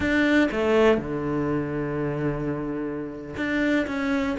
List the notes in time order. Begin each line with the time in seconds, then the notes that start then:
0.00 D4
0.51 A3
0.97 D3
3.36 D4
3.86 C#4